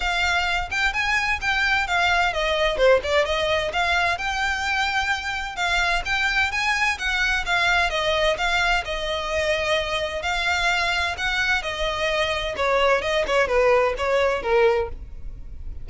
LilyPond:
\new Staff \with { instrumentName = "violin" } { \time 4/4 \tempo 4 = 129 f''4. g''8 gis''4 g''4 | f''4 dis''4 c''8 d''8 dis''4 | f''4 g''2. | f''4 g''4 gis''4 fis''4 |
f''4 dis''4 f''4 dis''4~ | dis''2 f''2 | fis''4 dis''2 cis''4 | dis''8 cis''8 b'4 cis''4 ais'4 | }